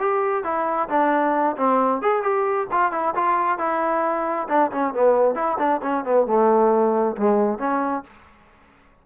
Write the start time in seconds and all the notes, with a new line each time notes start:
0.00 G4
0.44 E4
0.90 D4
1.58 C4
2.03 G#4
2.23 G4
2.72 F4
2.92 E4
3.16 F4
3.59 E4
4.49 D4
4.72 C#4
4.94 B3
5.35 E4
5.59 D4
5.83 C#4
6.05 B3
6.27 A3
7.17 G#3
7.59 C#4